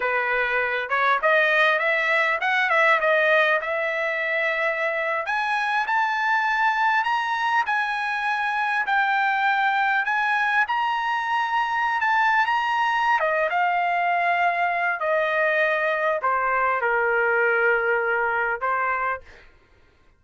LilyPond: \new Staff \with { instrumentName = "trumpet" } { \time 4/4 \tempo 4 = 100 b'4. cis''8 dis''4 e''4 | fis''8 e''8 dis''4 e''2~ | e''8. gis''4 a''2 ais''16~ | ais''8. gis''2 g''4~ g''16~ |
g''8. gis''4 ais''2~ ais''16 | a''8. ais''4~ ais''16 dis''8 f''4.~ | f''4 dis''2 c''4 | ais'2. c''4 | }